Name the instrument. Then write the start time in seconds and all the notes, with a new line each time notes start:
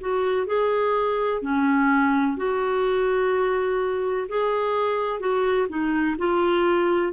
clarinet
0.00 F#4
0.46 G#4
1.42 C#4
2.37 F#4
4.29 G#4
5.19 F#4
5.68 D#4
6.18 F4